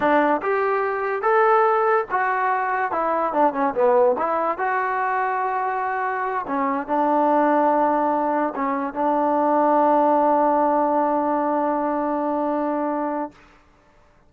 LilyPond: \new Staff \with { instrumentName = "trombone" } { \time 4/4 \tempo 4 = 144 d'4 g'2 a'4~ | a'4 fis'2 e'4 | d'8 cis'8 b4 e'4 fis'4~ | fis'2.~ fis'8 cis'8~ |
cis'8 d'2.~ d'8~ | d'8 cis'4 d'2~ d'8~ | d'1~ | d'1 | }